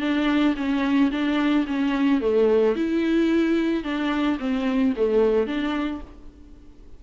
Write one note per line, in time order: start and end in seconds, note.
0.00 0.55 D4
0.56 1.11 C#4
1.11 1.65 D4
1.67 2.21 C#4
2.21 2.75 A3
2.75 3.84 E4
3.84 4.38 D4
4.39 4.94 C4
4.96 5.46 A3
5.46 6.01 D4